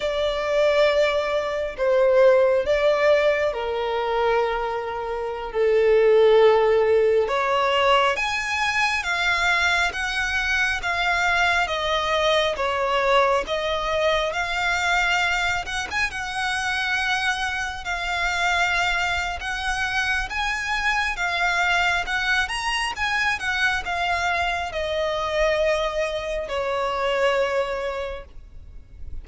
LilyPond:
\new Staff \with { instrumentName = "violin" } { \time 4/4 \tempo 4 = 68 d''2 c''4 d''4 | ais'2~ ais'16 a'4.~ a'16~ | a'16 cis''4 gis''4 f''4 fis''8.~ | fis''16 f''4 dis''4 cis''4 dis''8.~ |
dis''16 f''4. fis''16 gis''16 fis''4.~ fis''16~ | fis''16 f''4.~ f''16 fis''4 gis''4 | f''4 fis''8 ais''8 gis''8 fis''8 f''4 | dis''2 cis''2 | }